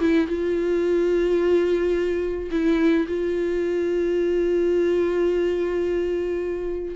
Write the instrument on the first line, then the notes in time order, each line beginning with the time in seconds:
viola
0.00 E4
0.27 F4
2.51 E4
3.07 F4